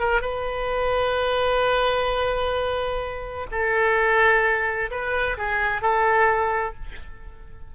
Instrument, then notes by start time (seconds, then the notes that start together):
oboe
0.00 A#4
0.21 B4
3.51 A4
4.91 B4
5.38 G#4
5.82 A4